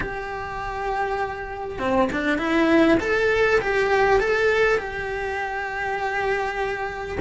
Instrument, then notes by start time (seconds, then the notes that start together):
cello
0.00 G4
1.78 C4
2.12 D4
2.38 E4
3.00 A4
3.60 G4
4.20 A4
4.78 G4